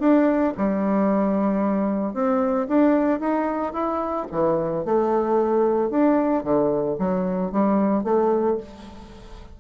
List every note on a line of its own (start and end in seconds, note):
0.00 0.54 D4
0.58 2.14 G3
2.14 2.68 C4
2.69 3.20 D4
3.20 3.73 D#4
3.73 4.27 E4
4.32 4.85 E3
4.85 5.91 A3
5.91 6.44 D4
6.44 6.97 D3
6.99 7.52 F#3
7.52 8.04 G3
8.04 8.58 A3